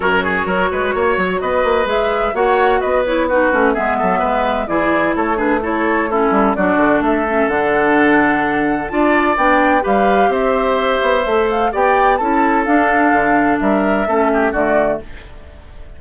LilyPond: <<
  \new Staff \with { instrumentName = "flute" } { \time 4/4 \tempo 4 = 128 cis''2. dis''4 | e''4 fis''4 dis''8 cis''8 b'4 | e''2 d''4 cis''8 b'8 | cis''4 a'4 d''4 e''4 |
fis''2. a''4 | g''4 f''4 e''2~ | e''8 f''8 g''4 a''4 f''4~ | f''4 e''2 d''4 | }
  \new Staff \with { instrumentName = "oboe" } { \time 4/4 ais'8 gis'8 ais'8 b'8 cis''4 b'4~ | b'4 cis''4 b'4 fis'4 | gis'8 a'8 b'4 gis'4 a'8 gis'8 | a'4 e'4 fis'4 a'4~ |
a'2. d''4~ | d''4 b'4 c''2~ | c''4 d''4 a'2~ | a'4 ais'4 a'8 g'8 fis'4 | }
  \new Staff \with { instrumentName = "clarinet" } { \time 4/4 fis'1 | gis'4 fis'4. e'8 dis'8 cis'8 | b2 e'4. d'8 | e'4 cis'4 d'4. cis'8 |
d'2. f'4 | d'4 g'2. | a'4 g'4 e'4 d'4~ | d'2 cis'4 a4 | }
  \new Staff \with { instrumentName = "bassoon" } { \time 4/4 fis,4 fis8 gis8 ais8 fis8 b8 ais8 | gis4 ais4 b4. a8 | gis8 fis8 gis4 e4 a4~ | a4. g8 fis8 d8 a4 |
d2. d'4 | b4 g4 c'4. b8 | a4 b4 cis'4 d'4 | d4 g4 a4 d4 | }
>>